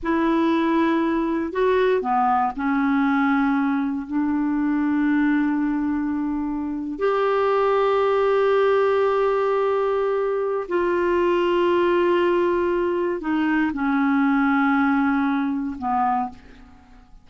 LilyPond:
\new Staff \with { instrumentName = "clarinet" } { \time 4/4 \tempo 4 = 118 e'2. fis'4 | b4 cis'2. | d'1~ | d'4.~ d'16 g'2~ g'16~ |
g'1~ | g'4 f'2.~ | f'2 dis'4 cis'4~ | cis'2. b4 | }